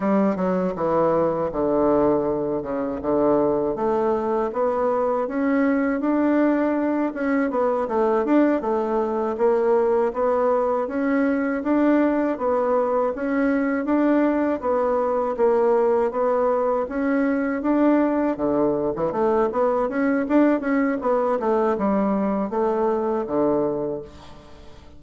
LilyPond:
\new Staff \with { instrumentName = "bassoon" } { \time 4/4 \tempo 4 = 80 g8 fis8 e4 d4. cis8 | d4 a4 b4 cis'4 | d'4. cis'8 b8 a8 d'8 a8~ | a8 ais4 b4 cis'4 d'8~ |
d'8 b4 cis'4 d'4 b8~ | b8 ais4 b4 cis'4 d'8~ | d'8 d8. e16 a8 b8 cis'8 d'8 cis'8 | b8 a8 g4 a4 d4 | }